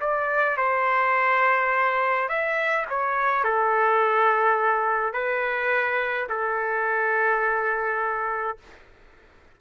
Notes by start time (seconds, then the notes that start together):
0.00 D5
0.57 C5
2.28 E5
2.89 C#5
3.44 A4
5.13 B4
6.29 A4